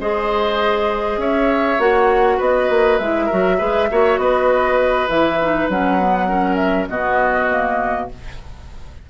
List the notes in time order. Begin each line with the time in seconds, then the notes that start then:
0.00 G#3 G#4 C5 D#5
1.17 C#4 C#5 E5
1.79 A#3 F#4 F#5
2.37 B3 B4 D#5
2.69 A#3
2.98 G#3 E4 E5
3.26 F#4 A#4
3.32 F#3
3.58 G#3 G#4 B4
3.91 A#3 F#4 C#5
4.17 B3 B4 D#5
5.08 E3 E4 E5
5.41 D#4
5.69 F#3 C#4 F#5
6.00 B3
6.28 C#4 A#4
6.56 E5
6.88 B2 B3 F#4 D#5
7.49 A#3